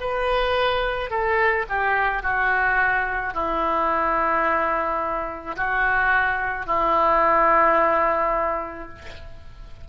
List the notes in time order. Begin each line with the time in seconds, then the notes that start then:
0.00 B4
1.10 A4
1.69 G4
2.22 F#4
3.33 E4
5.56 F#4
6.66 E4